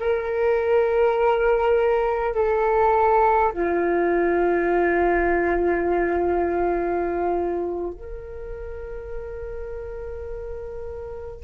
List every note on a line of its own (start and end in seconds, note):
0.00 2.35 A#4
2.35 3.52 A4
3.52 7.93 F4
7.93 11.44 A#4